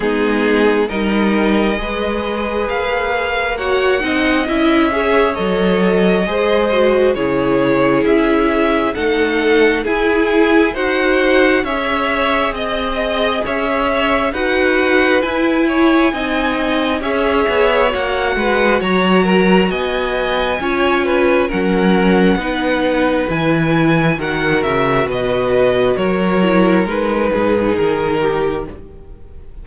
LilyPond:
<<
  \new Staff \with { instrumentName = "violin" } { \time 4/4 \tempo 4 = 67 gis'4 dis''2 f''4 | fis''4 e''4 dis''2 | cis''4 e''4 fis''4 gis''4 | fis''4 e''4 dis''4 e''4 |
fis''4 gis''2 e''4 | fis''4 ais''4 gis''2 | fis''2 gis''4 fis''8 e''8 | dis''4 cis''4 b'4 ais'4 | }
  \new Staff \with { instrumentName = "violin" } { \time 4/4 dis'4 ais'4 b'2 | cis''8 dis''4 cis''4. c''4 | gis'2 a'4 gis'4 | c''4 cis''4 dis''4 cis''4 |
b'4. cis''8 dis''4 cis''4~ | cis''8 b'8 cis''8 ais'8 dis''4 cis''8 b'8 | ais'4 b'2 ais'4 | b'4 ais'4. gis'4 g'8 | }
  \new Staff \with { instrumentName = "viola" } { \time 4/4 b4 dis'4 gis'2 | fis'8 dis'8 e'8 gis'8 a'4 gis'8 fis'8 | e'2 dis'4 e'4 | fis'4 gis'2. |
fis'4 e'4 dis'4 gis'4 | fis'2. f'4 | cis'4 dis'4 e'4 fis'4~ | fis'4. e'8 dis'2 | }
  \new Staff \with { instrumentName = "cello" } { \time 4/4 gis4 g4 gis4 ais4~ | ais8 c'8 cis'4 fis4 gis4 | cis4 cis'4 a4 e'4 | dis'4 cis'4 c'4 cis'4 |
dis'4 e'4 c'4 cis'8 b8 | ais8 gis8 fis4 b4 cis'4 | fis4 b4 e4 dis8 cis8 | b,4 fis4 gis8 gis,8 dis4 | }
>>